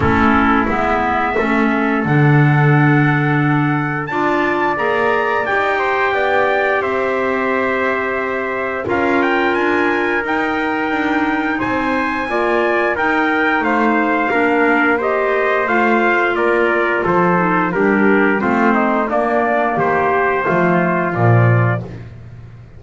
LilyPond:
<<
  \new Staff \with { instrumentName = "trumpet" } { \time 4/4 \tempo 4 = 88 a'4 e''2 fis''4~ | fis''2 a''4 ais''4 | g''2 e''2~ | e''4 f''8 g''8 gis''4 g''4~ |
g''4 gis''2 g''4 | f''2 dis''4 f''4 | d''4 c''4 ais'4 c''4 | d''4 c''2 d''4 | }
  \new Staff \with { instrumentName = "trumpet" } { \time 4/4 e'2 a'2~ | a'2 d''2~ | d''8 c''8 d''4 c''2~ | c''4 ais'2.~ |
ais'4 c''4 d''4 ais'4 | c''4 ais'4 c''2 | ais'4 a'4 g'4 f'8 dis'8 | d'4 g'4 f'2 | }
  \new Staff \with { instrumentName = "clarinet" } { \time 4/4 cis'4 b4 cis'4 d'4~ | d'2 f'4 gis'4 | g'1~ | g'4 f'2 dis'4~ |
dis'2 f'4 dis'4~ | dis'4 d'4 g'4 f'4~ | f'4. dis'8 d'4 c'4 | ais2 a4 f4 | }
  \new Staff \with { instrumentName = "double bass" } { \time 4/4 a4 gis4 a4 d4~ | d2 d'4 ais4 | dis'4 b4 c'2~ | c'4 cis'4 d'4 dis'4 |
d'4 c'4 ais4 dis'4 | a4 ais2 a4 | ais4 f4 g4 a4 | ais4 dis4 f4 ais,4 | }
>>